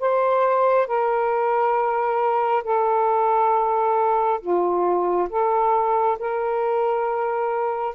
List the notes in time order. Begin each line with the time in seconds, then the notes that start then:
0.00 C5
0.87 A#4
2.64 A4
4.41 F4
5.30 A4
6.19 A#4